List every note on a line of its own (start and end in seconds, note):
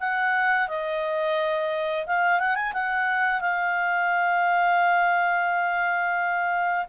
0.00 0.68 F#5
0.68 2.06 D#5
2.07 2.40 F5
2.40 2.55 F#5
2.55 2.73 G#5
2.74 3.41 F#5
3.41 6.86 F5